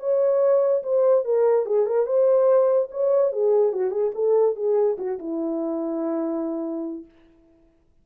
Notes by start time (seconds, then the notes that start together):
0.00 C#5
0.83 C5
1.25 A#4
1.66 G#4
1.86 A#4
2.06 C5
2.91 C#5
3.32 G#4
3.73 F#4
3.91 G#4
4.15 A4
4.56 G#4
4.98 F#4
5.19 E4